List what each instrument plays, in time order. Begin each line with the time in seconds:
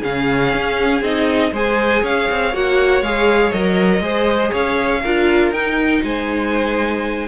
0.00 cello C#3, viola C#4, violin G#4 F5
0.53 cello C#4
1.01 cello C4, viola D#4, violin D#5
1.52 cello G#3, viola G#4, violin C5 G#5
2.02 cello C#4, violin C#5 F5
2.30 cello C4
2.53 cello A#3, viola F#4, violin F#5
3.02 cello G#3, viola G#4, violin F5
3.52 cello F#3, viola A#4, violin D#5
4.00 cello G#3, viola G#4, violin C5
4.51 cello C#4, violin C#5 F5
5.02 cello D4, viola F4, violin A#4
5.51 cello D#4, viola D#4, violin G5
6.03 cello G#3, violin C5 G#5